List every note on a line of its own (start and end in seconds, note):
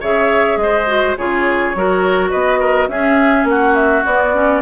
0.00 0.56 C#3
0.00 0.87 G#4
0.00 0.58 C#5
0.00 0.57 E5
0.56 1.14 G#3
0.56 1.18 C5
0.56 1.15 D#5
0.87 1.16 F#4
1.17 1.75 C#3
1.17 1.75 F4
1.17 1.76 G#4
1.17 2.30 C#5
1.75 2.32 F#3
1.75 2.90 F#4
1.75 2.30 A#4
2.30 2.88 B3
2.30 2.59 B4
2.30 2.88 D#5
2.59 2.88 A#4
2.88 3.44 C#4
2.88 4.06 C#4
2.88 3.48 G#4
2.88 3.46 E5
3.44 4.01 A#3
3.44 3.75 F#5
3.50 4.61 F#4
3.75 4.04 E5
4.05 4.61 B3
4.05 4.34 B3
4.05 4.61 D5
4.34 4.61 C#4